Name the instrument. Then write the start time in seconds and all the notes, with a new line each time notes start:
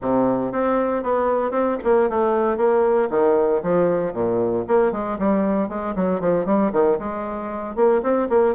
bassoon
0.01 C3
0.51 C4
1.03 B3
1.51 C4
1.84 A#3
2.09 A3
2.57 A#3
3.10 D#3
3.62 F3
4.13 A#2
4.67 A#3
4.92 G#3
5.19 G3
5.68 G#3
5.95 F#3
6.20 F3
6.45 G3
6.72 D#3
6.99 G#3
7.75 A#3
8.02 C4
8.29 A#3